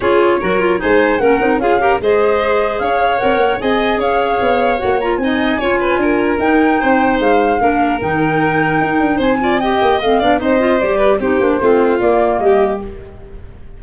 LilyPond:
<<
  \new Staff \with { instrumentName = "flute" } { \time 4/4 \tempo 4 = 150 cis''2 gis''4 fis''4 | f''4 dis''2 f''4 | fis''4 gis''4 f''2 | fis''8 ais''8 gis''2. |
g''2 f''2 | g''2. gis''4 | g''4 f''4 dis''4 d''4 | c''2 d''4 dis''4 | }
  \new Staff \with { instrumentName = "violin" } { \time 4/4 gis'4 ais'4 c''4 ais'4 | gis'8 ais'8 c''2 cis''4~ | cis''4 dis''4 cis''2~ | cis''4 dis''4 cis''8 b'8 ais'4~ |
ais'4 c''2 ais'4~ | ais'2. c''8 d''8 | dis''4. d''8 c''4. b'8 | g'4 f'2 g'4 | }
  \new Staff \with { instrumentName = "clarinet" } { \time 4/4 f'4 fis'8 f'8 dis'4 cis'8 dis'8 | f'8 g'8 gis'2. | ais'4 gis'2. | fis'8 f'8 dis'4 f'2 |
dis'2. d'4 | dis'2.~ dis'8 f'8 | g'4 c'8 d'8 dis'8 f'8 g'4 | dis'8 d'8 c'4 ais2 | }
  \new Staff \with { instrumentName = "tuba" } { \time 4/4 cis'4 fis4 gis4 ais8 c'8 | cis'4 gis2 cis'4 | c'8 ais8 c'4 cis'4 b4 | ais4 c'4 cis'4 d'4 |
dis'4 c'4 gis4 ais4 | dis2 dis'8 d'8 c'4~ | c'8 ais8 a8 b8 c'4 g4 | c'8 ais8 a4 ais4 g4 | }
>>